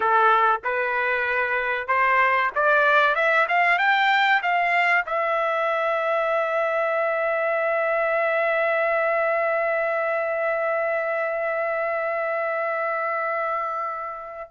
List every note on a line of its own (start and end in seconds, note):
0.00 0.61 A4
0.64 1.87 B4
1.87 2.50 C5
2.55 3.15 D5
3.15 3.47 E5
3.48 3.78 F5
3.78 4.41 G5
4.42 5.05 F5
5.06 14.51 E5